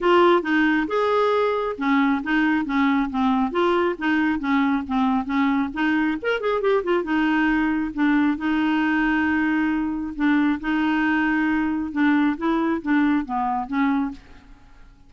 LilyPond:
\new Staff \with { instrumentName = "clarinet" } { \time 4/4 \tempo 4 = 136 f'4 dis'4 gis'2 | cis'4 dis'4 cis'4 c'4 | f'4 dis'4 cis'4 c'4 | cis'4 dis'4 ais'8 gis'8 g'8 f'8 |
dis'2 d'4 dis'4~ | dis'2. d'4 | dis'2. d'4 | e'4 d'4 b4 cis'4 | }